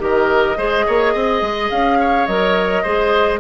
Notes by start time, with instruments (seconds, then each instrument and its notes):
0.00 bassoon D#3, clarinet G4, oboe A#4, flute D#5
0.57 bassoon G#3, clarinet G#4, oboe C5
0.87 bassoon A#3, oboe C#5
1.14 bassoon C4, oboe D#5
1.42 bassoon G#3
1.70 bassoon C#4, flute F5
2.00 oboe C#5
2.27 bassoon F#3, clarinet A#4, flute D#5
2.83 bassoon G#3, clarinet G#4, oboe C5